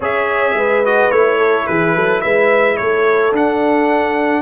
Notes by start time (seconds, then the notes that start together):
0.00 C#4 G#4 C#5 E5
0.54 G#3 B4
0.84 F#4 D#5
1.11 A3 E4 C#5
1.38 A4
1.67 E3 G#4 B4
1.95 F#3 A4
2.21 G#3 B4 E5
2.77 A3 A4 C#5
3.31 D4 F#5